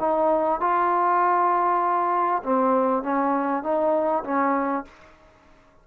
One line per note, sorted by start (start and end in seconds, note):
0.00 0.61 D#4
0.61 2.43 F4
2.44 3.03 C4
3.03 3.63 C#4
3.63 4.24 D#4
4.25 4.85 C#4